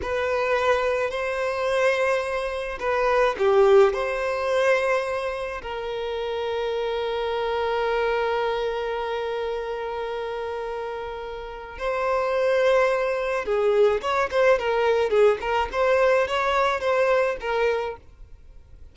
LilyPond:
\new Staff \with { instrumentName = "violin" } { \time 4/4 \tempo 4 = 107 b'2 c''2~ | c''4 b'4 g'4 c''4~ | c''2 ais'2~ | ais'1~ |
ais'1~ | ais'4 c''2. | gis'4 cis''8 c''8 ais'4 gis'8 ais'8 | c''4 cis''4 c''4 ais'4 | }